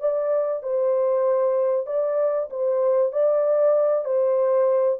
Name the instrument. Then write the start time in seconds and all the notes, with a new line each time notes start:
horn
0.00 D5
0.62 C5
1.86 D5
2.50 C5
3.12 D5
4.05 C5